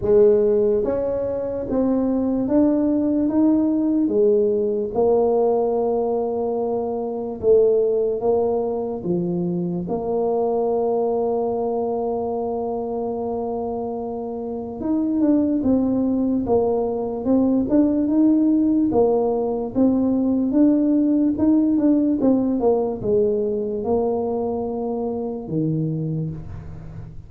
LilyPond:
\new Staff \with { instrumentName = "tuba" } { \time 4/4 \tempo 4 = 73 gis4 cis'4 c'4 d'4 | dis'4 gis4 ais2~ | ais4 a4 ais4 f4 | ais1~ |
ais2 dis'8 d'8 c'4 | ais4 c'8 d'8 dis'4 ais4 | c'4 d'4 dis'8 d'8 c'8 ais8 | gis4 ais2 dis4 | }